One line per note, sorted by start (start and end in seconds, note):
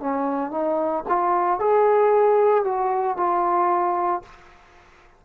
0.00 0.51 C#4
0.51 1.03 D#4
1.08 1.59 F4
1.59 2.64 G#4
2.64 3.17 F#4
3.17 4.22 F4